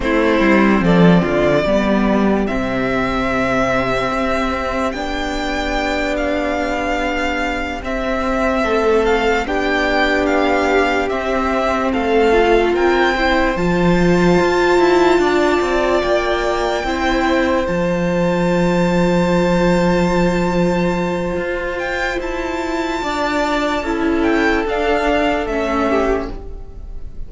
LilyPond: <<
  \new Staff \with { instrumentName = "violin" } { \time 4/4 \tempo 4 = 73 c''4 d''2 e''4~ | e''2 g''4. f''8~ | f''4. e''4. f''8 g''8~ | g''8 f''4 e''4 f''4 g''8~ |
g''8 a''2. g''8~ | g''4. a''2~ a''8~ | a''2~ a''8 g''8 a''4~ | a''4. g''8 f''4 e''4 | }
  \new Staff \with { instrumentName = "violin" } { \time 4/4 e'4 a'8 f'8 g'2~ | g'1~ | g'2~ g'8 a'4 g'8~ | g'2~ g'8 a'4 ais'8 |
c''2~ c''8 d''4.~ | d''8 c''2.~ c''8~ | c''1 | d''4 a'2~ a'8 g'8 | }
  \new Staff \with { instrumentName = "viola" } { \time 4/4 c'2 b4 c'4~ | c'2 d'2~ | d'4. c'2 d'8~ | d'4. c'4. f'4 |
e'8 f'2.~ f'8~ | f'8 e'4 f'2~ f'8~ | f'1~ | f'4 e'4 d'4 cis'4 | }
  \new Staff \with { instrumentName = "cello" } { \time 4/4 a8 g8 f8 d8 g4 c4~ | c4 c'4 b2~ | b4. c'4 a4 b8~ | b4. c'4 a4 c'8~ |
c'8 f4 f'8 e'8 d'8 c'8 ais8~ | ais8 c'4 f2~ f8~ | f2 f'4 e'4 | d'4 cis'4 d'4 a4 | }
>>